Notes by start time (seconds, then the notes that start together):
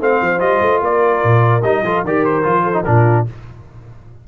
0.00 A3 C4 C5 F5
0.21 F3
0.38 G3 F4 D#5
0.61 A3
0.81 A#3 A#4 D5
1.23 A#2
1.62 G3 D#4 D#5
1.82 F3 F4 A4
2.04 D#3 G4 A#4 D5
2.25 C5
2.43 F3 F4
2.63 A4
2.73 D#4
2.84 A#2 D4 F4 A#4